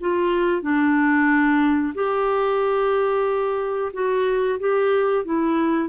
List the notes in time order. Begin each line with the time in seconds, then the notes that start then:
0.00 F4
0.61 D4
1.94 G4
3.93 F#4
4.59 G4
5.24 E4